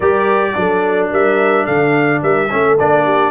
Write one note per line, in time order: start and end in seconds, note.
0.00 0.55 G3
0.00 0.54 G4
0.00 0.53 A#4
0.00 1.08 D5
0.54 1.11 F#3
0.54 2.48 D4
0.54 1.10 A4
1.10 1.67 G3
1.10 1.64 A#4
1.10 1.66 E5
1.64 2.22 D3
1.64 2.20 A4
1.64 2.21 F5
2.22 2.50 G3
2.22 2.50 A#4
2.22 2.78 E5
2.50 2.80 A3
2.50 2.78 C#4
2.50 3.04 A4
2.78 3.31 A#3
2.78 3.31 D4
2.78 3.31 D5
3.04 3.31 G4